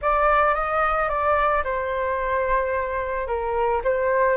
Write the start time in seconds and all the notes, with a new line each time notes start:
0.01 D5
0.54 D#5
1.08 D5
1.64 C5
3.27 A#4
3.83 C5